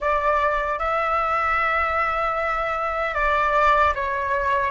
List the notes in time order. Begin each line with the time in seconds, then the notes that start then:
0.00 D5
0.79 E5
3.14 D5
3.95 C#5